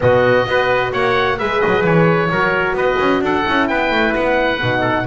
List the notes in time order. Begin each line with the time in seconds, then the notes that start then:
0.00 B2 B3 F#4 D#5
0.45 B3 F#4 B4
0.92 A#3 C#5 F#5
1.38 G#3 G#4 B4 E5
1.60 F#3 D#5
1.84 E3 C#5
2.30 F#3 F#4 A#4
2.72 B3 B4 D#5
2.99 C#4
3.21 D4 A4 F#5
3.44 C#4 E4
3.67 B3 B4 G5
3.91 A3
4.15 B3 F#5
4.62 B2 D#4
4.80 A4